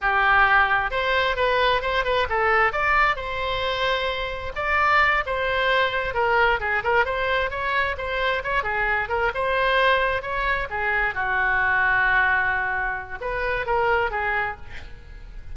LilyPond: \new Staff \with { instrumentName = "oboe" } { \time 4/4 \tempo 4 = 132 g'2 c''4 b'4 | c''8 b'8 a'4 d''4 c''4~ | c''2 d''4. c''8~ | c''4. ais'4 gis'8 ais'8 c''8~ |
c''8 cis''4 c''4 cis''8 gis'4 | ais'8 c''2 cis''4 gis'8~ | gis'8 fis'2.~ fis'8~ | fis'4 b'4 ais'4 gis'4 | }